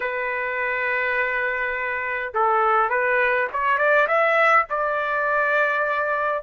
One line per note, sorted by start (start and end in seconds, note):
0.00 2.33 B4
2.34 2.89 A4
2.89 3.47 B4
3.52 3.78 C#5
3.78 4.07 D5
4.07 4.65 E5
4.69 6.43 D5